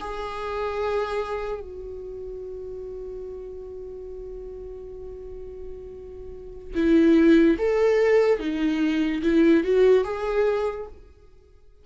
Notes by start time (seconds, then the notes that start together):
0.00 G#4
1.60 F#4
6.74 E4
7.58 A4
8.39 D#4
9.22 E4
9.64 F#4
10.04 G#4